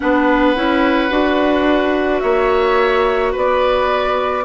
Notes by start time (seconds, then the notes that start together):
0.00 B3 D4 B4 F#5
0.55 C#4 E4
1.09 D4 F#4
2.19 A#3 C#5 E5
3.32 B3 B4 D5